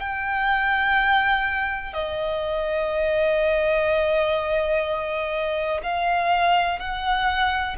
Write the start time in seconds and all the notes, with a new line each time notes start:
0.00 G5
1.94 D#5
5.83 F5
6.80 F#5